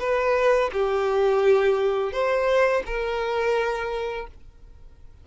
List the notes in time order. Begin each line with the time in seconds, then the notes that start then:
0.00 B4
0.73 G4
2.12 C5
2.86 A#4